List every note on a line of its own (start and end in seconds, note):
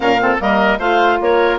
0.00 0.36 A#2
0.00 0.18 C#4
0.00 0.21 A#4
0.00 0.37 F5
0.20 0.39 C4
0.20 0.41 A4
0.39 0.78 G3
0.39 0.79 A#3
0.39 0.79 A#4
0.39 0.80 D#5
0.78 1.18 A3
0.78 1.59 F4
0.78 1.19 C5
0.78 1.20 F5
1.21 1.59 A#3
1.21 1.59 A#4
1.21 1.59 C#5